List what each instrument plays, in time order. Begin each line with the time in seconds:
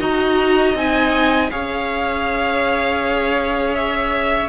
0.00 cello D#4, viola F#4, violin D#5 A#5
0.75 cello C4, viola D#4, violin G#5
1.51 cello C#4, viola G#4, violin C#5 F5
3.75 violin E5